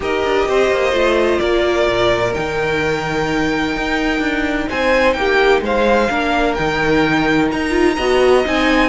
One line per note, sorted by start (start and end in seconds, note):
0.00 0.23 D#4
0.00 0.92 G4
0.00 0.47 A#4
0.00 1.39 D#5
0.24 0.47 D4
0.47 0.71 C4
0.47 1.40 C5
0.71 0.92 A#3
0.92 1.39 A3
0.92 2.33 F4
1.39 1.87 A#3
1.39 4.69 A#4
1.39 2.33 D5
1.88 2.35 A#2
2.34 3.75 D#3
2.34 6.09 D#4
2.34 4.68 G5
3.75 4.19 D#4
4.19 4.66 D4
4.69 5.15 C4
4.69 5.16 C5
4.69 5.13 G#5
5.13 5.61 A#3
5.13 5.63 G4
5.13 5.60 G5
5.61 6.08 G#3
5.61 6.10 C5
5.61 6.54 F5
6.09 6.57 A#3
6.09 6.56 D4
6.09 7.95 A#4
6.54 7.52 D#3
6.54 7.70 D#4
6.54 7.48 G5
7.51 7.97 D#4
7.51 8.45 A#5
7.70 7.93 F4
7.95 8.44 B3
7.95 8.44 F#4
7.95 8.89 D#5
8.44 8.89 C4
8.44 8.89 D#4
8.44 8.89 G#5